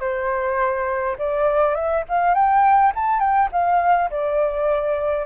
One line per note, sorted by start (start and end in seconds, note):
0.00 1.17 C5
1.18 1.75 D5
1.75 2.04 E5
2.09 2.35 F5
2.35 2.93 G5
2.95 3.20 A5
3.20 3.49 G5
3.52 4.10 F5
4.10 5.26 D5